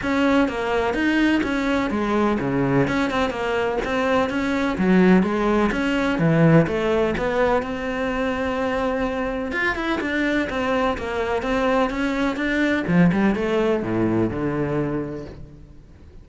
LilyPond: \new Staff \with { instrumentName = "cello" } { \time 4/4 \tempo 4 = 126 cis'4 ais4 dis'4 cis'4 | gis4 cis4 cis'8 c'8 ais4 | c'4 cis'4 fis4 gis4 | cis'4 e4 a4 b4 |
c'1 | f'8 e'8 d'4 c'4 ais4 | c'4 cis'4 d'4 f8 g8 | a4 a,4 d2 | }